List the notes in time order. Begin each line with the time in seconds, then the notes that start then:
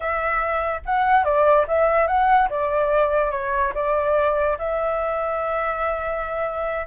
0.00 E5
0.85 F#5
1.24 D5
1.67 E5
2.07 F#5
2.49 D5
3.31 C#5
3.74 D5
4.58 E5